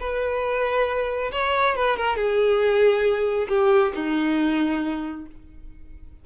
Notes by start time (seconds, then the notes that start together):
0.00 B4
1.32 C#5
1.76 B4
1.97 A#4
2.16 G#4
3.49 G4
3.95 D#4